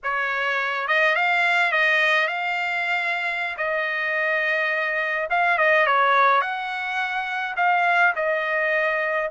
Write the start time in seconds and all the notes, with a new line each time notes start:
0.03 C#5
0.87 D#5
1.15 F5
1.72 D#5
2.27 F5
3.57 D#5
5.29 F5
5.58 D#5
5.86 C#5
6.41 F#5
7.56 F5
8.15 D#5